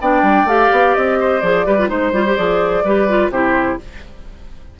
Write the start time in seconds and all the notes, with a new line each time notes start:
0.00 B3 D4 D5 G5
0.22 G3
0.44 A3 G4 F5
0.72 B3
0.94 C4 D#5
1.19 C5
1.40 F3 G#4 D5
1.65 G3 G4 B4
1.78 F4
1.87 G#3 D#4 C5
2.12 G3 F4
2.26 G4
2.35 F3 G#4 D5
2.84 G3 G4 B4
3.08 F4
3.29 C3 E4 G4 C5